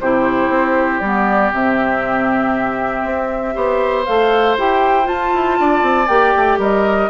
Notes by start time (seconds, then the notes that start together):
0.00 C3 E4 G4 C5
0.49 C4
1.00 G3 B3 D5
1.52 C3 C4 E5
3.04 C4
3.54 B3 G4 C5
4.05 A3 A4 F5
4.58 E4 G4 G5
5.03 F4 A5
5.10 F4
5.34 E4
5.60 D4 D5
5.83 C4
6.08 A#3 G4 G5
6.36 A3
6.58 G3 A#4 D#5